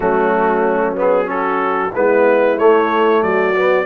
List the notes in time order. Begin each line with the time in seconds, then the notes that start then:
0.00 F#3 A3 C#4 F#4
0.96 B3 G#4
1.25 C#4 F#4 A4
1.94 G#3 B3 E4 B4
2.58 A3 C#5
3.22 F#3 F#4 D5
3.55 B3